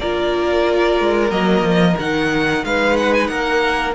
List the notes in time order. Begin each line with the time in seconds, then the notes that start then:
0.00 A#3 F4 A#4 D5
1.00 G#3
1.30 F#3 A#3 D#5
1.62 F3
1.99 D#3 D#4 F#5
2.64 G#3 B4 F5
2.97 F#5
3.13 G#5
3.27 A#3 A#4 F#5